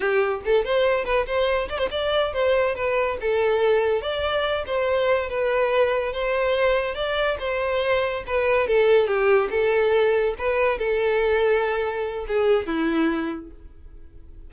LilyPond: \new Staff \with { instrumentName = "violin" } { \time 4/4 \tempo 4 = 142 g'4 a'8 c''4 b'8 c''4 | d''16 c''16 d''4 c''4 b'4 a'8~ | a'4. d''4. c''4~ | c''8 b'2 c''4.~ |
c''8 d''4 c''2 b'8~ | b'8 a'4 g'4 a'4.~ | a'8 b'4 a'2~ a'8~ | a'4 gis'4 e'2 | }